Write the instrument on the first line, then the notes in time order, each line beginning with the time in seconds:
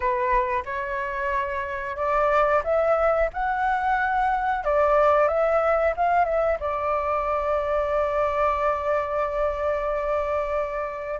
flute
0.00 B4
0.65 C#5
1.96 D5
2.64 E5
3.33 F#5
4.64 D5
5.28 E5
5.96 F5
6.25 E5
6.60 D5